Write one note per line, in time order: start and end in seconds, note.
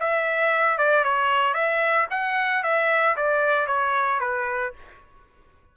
0.00 0.78 E5
0.78 1.04 D5
1.04 1.53 C#5
1.53 2.07 E5
2.10 2.63 F#5
2.63 3.16 E5
3.16 3.66 D5
3.66 4.19 C#5
4.20 4.73 B4